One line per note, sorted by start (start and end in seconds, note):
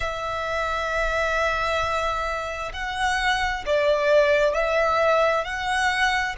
0.00 2.71 E5
2.73 3.64 F#5
3.66 4.53 D5
4.53 5.44 E5
5.44 6.35 F#5